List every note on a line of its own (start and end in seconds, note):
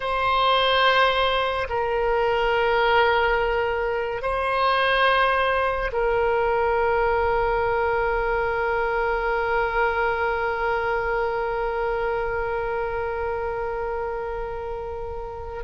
0.00 1.67 C5
1.69 4.22 A#4
4.22 5.91 C5
5.92 15.63 A#4